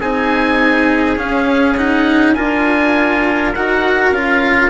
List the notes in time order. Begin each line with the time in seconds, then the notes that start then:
0.00 C4 D#4 G#4 G#5
1.16 C#4 F5
1.77 D#4 F#5
2.34 D4 F4 A#4 G#5
3.54 D#4 F#4 F#5
4.11 C#4 F4 F5